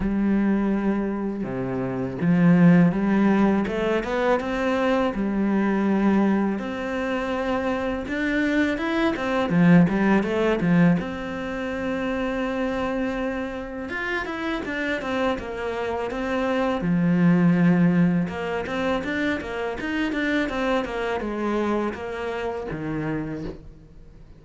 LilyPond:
\new Staff \with { instrumentName = "cello" } { \time 4/4 \tempo 4 = 82 g2 c4 f4 | g4 a8 b8 c'4 g4~ | g4 c'2 d'4 | e'8 c'8 f8 g8 a8 f8 c'4~ |
c'2. f'8 e'8 | d'8 c'8 ais4 c'4 f4~ | f4 ais8 c'8 d'8 ais8 dis'8 d'8 | c'8 ais8 gis4 ais4 dis4 | }